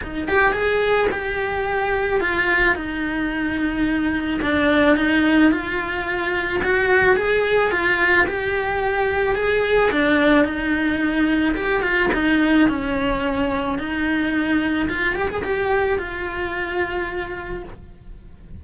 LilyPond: \new Staff \with { instrumentName = "cello" } { \time 4/4 \tempo 4 = 109 dis'8 g'8 gis'4 g'2 | f'4 dis'2. | d'4 dis'4 f'2 | fis'4 gis'4 f'4 g'4~ |
g'4 gis'4 d'4 dis'4~ | dis'4 g'8 f'8 dis'4 cis'4~ | cis'4 dis'2 f'8 g'16 gis'16 | g'4 f'2. | }